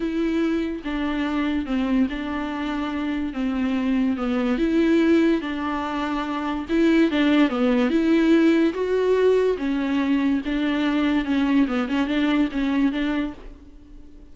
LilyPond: \new Staff \with { instrumentName = "viola" } { \time 4/4 \tempo 4 = 144 e'2 d'2 | c'4 d'2. | c'2 b4 e'4~ | e'4 d'2. |
e'4 d'4 b4 e'4~ | e'4 fis'2 cis'4~ | cis'4 d'2 cis'4 | b8 cis'8 d'4 cis'4 d'4 | }